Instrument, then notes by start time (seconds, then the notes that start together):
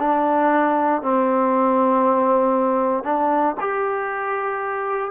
trombone
0.00 D4
1.03 C4
3.04 D4
3.60 G4